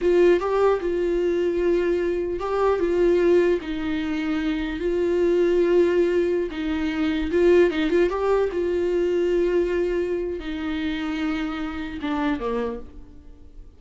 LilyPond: \new Staff \with { instrumentName = "viola" } { \time 4/4 \tempo 4 = 150 f'4 g'4 f'2~ | f'2 g'4 f'4~ | f'4 dis'2. | f'1~ |
f'16 dis'2 f'4 dis'8 f'16~ | f'16 g'4 f'2~ f'8.~ | f'2 dis'2~ | dis'2 d'4 ais4 | }